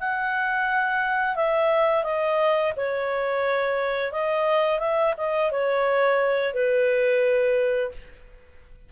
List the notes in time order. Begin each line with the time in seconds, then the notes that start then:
0.00 F#5
1.36 E5
2.04 D#5
2.76 C#5
4.12 D#5
4.79 E5
5.17 D#5
5.51 C#5
6.54 B4